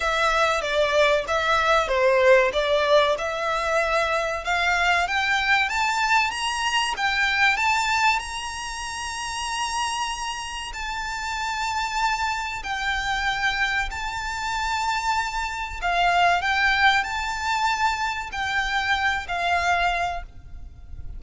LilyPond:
\new Staff \with { instrumentName = "violin" } { \time 4/4 \tempo 4 = 95 e''4 d''4 e''4 c''4 | d''4 e''2 f''4 | g''4 a''4 ais''4 g''4 | a''4 ais''2.~ |
ais''4 a''2. | g''2 a''2~ | a''4 f''4 g''4 a''4~ | a''4 g''4. f''4. | }